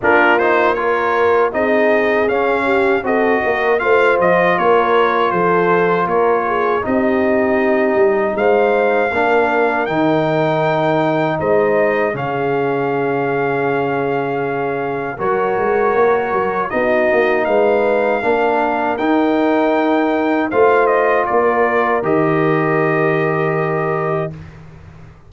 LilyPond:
<<
  \new Staff \with { instrumentName = "trumpet" } { \time 4/4 \tempo 4 = 79 ais'8 c''8 cis''4 dis''4 f''4 | dis''4 f''8 dis''8 cis''4 c''4 | cis''4 dis''2 f''4~ | f''4 g''2 dis''4 |
f''1 | cis''2 dis''4 f''4~ | f''4 g''2 f''8 dis''8 | d''4 dis''2. | }
  \new Staff \with { instrumentName = "horn" } { \time 4/4 f'4 ais'4 gis'4. g'8 | a'8 ais'8 c''4 ais'4 a'4 | ais'8 gis'8 g'2 c''4 | ais'2. c''4 |
gis'1 | ais'2 fis'4 b'4 | ais'2. c''4 | ais'1 | }
  \new Staff \with { instrumentName = "trombone" } { \time 4/4 d'8 dis'8 f'4 dis'4 cis'4 | fis'4 f'2.~ | f'4 dis'2. | d'4 dis'2. |
cis'1 | fis'2 dis'2 | d'4 dis'2 f'4~ | f'4 g'2. | }
  \new Staff \with { instrumentName = "tuba" } { \time 4/4 ais2 c'4 cis'4 | c'8 ais8 a8 f8 ais4 f4 | ais4 c'4. g8 gis4 | ais4 dis2 gis4 |
cis1 | fis8 gis8 ais8 fis8 b8 ais8 gis4 | ais4 dis'2 a4 | ais4 dis2. | }
>>